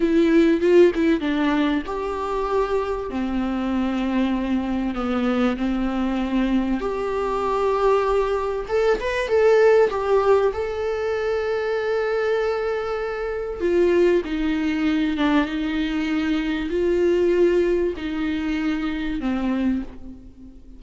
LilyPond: \new Staff \with { instrumentName = "viola" } { \time 4/4 \tempo 4 = 97 e'4 f'8 e'8 d'4 g'4~ | g'4 c'2. | b4 c'2 g'4~ | g'2 a'8 b'8 a'4 |
g'4 a'2.~ | a'2 f'4 dis'4~ | dis'8 d'8 dis'2 f'4~ | f'4 dis'2 c'4 | }